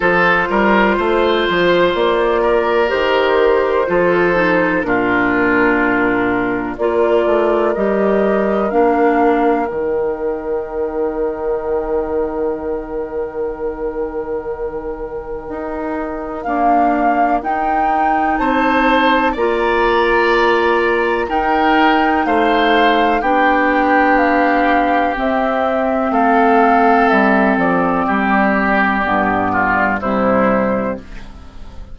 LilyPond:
<<
  \new Staff \with { instrumentName = "flute" } { \time 4/4 \tempo 4 = 62 c''2 d''4 c''4~ | c''4 ais'2 d''4 | dis''4 f''4 g''2~ | g''1~ |
g''4 f''4 g''4 a''4 | ais''2 g''4 f''4 | g''4 f''4 e''4 f''4 | e''8 d''2~ d''8 c''4 | }
  \new Staff \with { instrumentName = "oboe" } { \time 4/4 a'8 ais'8 c''4. ais'4. | a'4 f'2 ais'4~ | ais'1~ | ais'1~ |
ais'2. c''4 | d''2 ais'4 c''4 | g'2. a'4~ | a'4 g'4. f'8 e'4 | }
  \new Staff \with { instrumentName = "clarinet" } { \time 4/4 f'2. g'4 | f'8 dis'8 d'2 f'4 | g'4 d'4 dis'2~ | dis'1~ |
dis'4 ais4 dis'2 | f'2 dis'2 | d'2 c'2~ | c'2 b4 g4 | }
  \new Staff \with { instrumentName = "bassoon" } { \time 4/4 f8 g8 a8 f8 ais4 dis4 | f4 ais,2 ais8 a8 | g4 ais4 dis2~ | dis1 |
dis'4 d'4 dis'4 c'4 | ais2 dis'4 a4 | b2 c'4 a4 | g8 f8 g4 g,4 c4 | }
>>